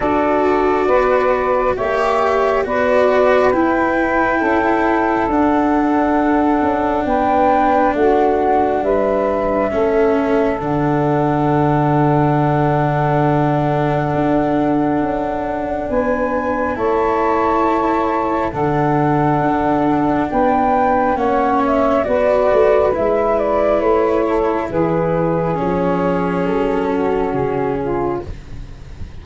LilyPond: <<
  \new Staff \with { instrumentName = "flute" } { \time 4/4 \tempo 4 = 68 d''2 e''4 d''4 | g''2 fis''2 | g''4 fis''4 e''2 | fis''1~ |
fis''2 gis''4 a''4~ | a''4 fis''2 g''4 | fis''8 e''8 d''4 e''8 d''8 cis''4 | b'4 cis''4 a'4 gis'4 | }
  \new Staff \with { instrumentName = "saxophone" } { \time 4/4 a'4 b'4 cis''4 b'4~ | b'4 a'2. | b'4 fis'4 b'4 a'4~ | a'1~ |
a'2 b'4 cis''4~ | cis''4 a'2 b'4 | cis''4 b'2~ b'8 a'8 | gis'2~ gis'8 fis'4 f'8 | }
  \new Staff \with { instrumentName = "cello" } { \time 4/4 fis'2 g'4 fis'4 | e'2 d'2~ | d'2. cis'4 | d'1~ |
d'2. e'4~ | e'4 d'2. | cis'4 fis'4 e'2~ | e'4 cis'2. | }
  \new Staff \with { instrumentName = "tuba" } { \time 4/4 d'4 b4 ais4 b4 | e'4 cis'4 d'4. cis'8 | b4 a4 g4 a4 | d1 |
d'4 cis'4 b4 a4~ | a4 d4 d'4 b4 | ais4 b8 a8 gis4 a4 | e4 f4 fis4 cis4 | }
>>